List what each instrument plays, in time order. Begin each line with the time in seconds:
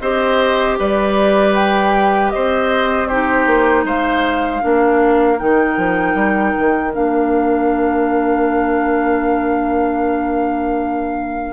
0.00 bassoon C4, clarinet G4, oboe C5, flute D#5
0.79 bassoon G3, oboe B4, flute D5
1.54 flute G5
2.30 bassoon C4, oboe C5, flute D#5
3.07 clarinet D#4, oboe G4, flute C5
3.46 bassoon A#3
3.84 bassoon G#3, oboe C5, flute F5
4.61 bassoon A#3, clarinet D4, oboe A#4
5.38 bassoon D#3, clarinet D#4, flute G5
5.77 bassoon F3
6.14 bassoon G3
6.58 bassoon D#3
6.91 bassoon A#3, clarinet D4, flute F5